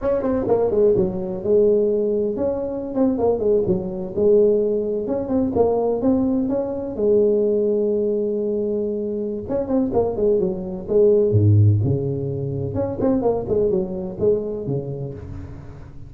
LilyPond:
\new Staff \with { instrumentName = "tuba" } { \time 4/4 \tempo 4 = 127 cis'8 c'8 ais8 gis8 fis4 gis4~ | gis4 cis'4~ cis'16 c'8 ais8 gis8 fis16~ | fis8. gis2 cis'8 c'8 ais16~ | ais8. c'4 cis'4 gis4~ gis16~ |
gis1 | cis'8 c'8 ais8 gis8 fis4 gis4 | gis,4 cis2 cis'8 c'8 | ais8 gis8 fis4 gis4 cis4 | }